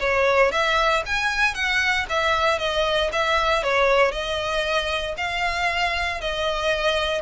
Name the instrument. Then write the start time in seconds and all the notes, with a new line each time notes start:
violin
0.00 C#5
0.51 E5
1.06 G#5
1.54 F#5
2.09 E5
2.59 D#5
3.12 E5
3.63 C#5
4.12 D#5
5.17 F5
6.21 D#5